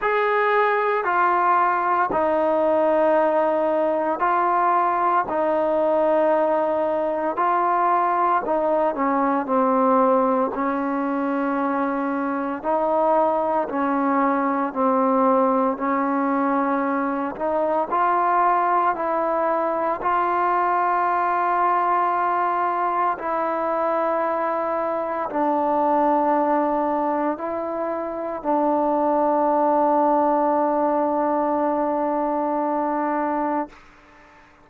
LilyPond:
\new Staff \with { instrumentName = "trombone" } { \time 4/4 \tempo 4 = 57 gis'4 f'4 dis'2 | f'4 dis'2 f'4 | dis'8 cis'8 c'4 cis'2 | dis'4 cis'4 c'4 cis'4~ |
cis'8 dis'8 f'4 e'4 f'4~ | f'2 e'2 | d'2 e'4 d'4~ | d'1 | }